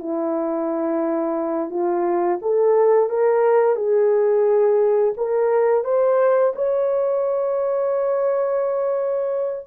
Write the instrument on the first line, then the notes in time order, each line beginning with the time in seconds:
horn
0.00 E4
1.70 F4
2.42 A4
3.10 A#4
3.76 G#4
5.17 A#4
5.85 C5
6.56 C#5